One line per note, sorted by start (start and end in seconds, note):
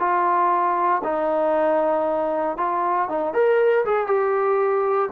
0.00 1.03 F4
1.04 2.58 D#4
2.58 3.09 F4
3.09 3.34 D#4
3.34 3.85 A#4
3.86 4.07 G#4
4.07 5.10 G4